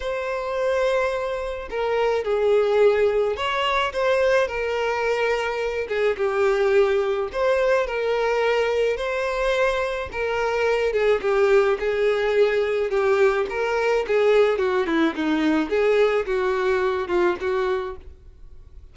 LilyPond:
\new Staff \with { instrumentName = "violin" } { \time 4/4 \tempo 4 = 107 c''2. ais'4 | gis'2 cis''4 c''4 | ais'2~ ais'8 gis'8 g'4~ | g'4 c''4 ais'2 |
c''2 ais'4. gis'8 | g'4 gis'2 g'4 | ais'4 gis'4 fis'8 e'8 dis'4 | gis'4 fis'4. f'8 fis'4 | }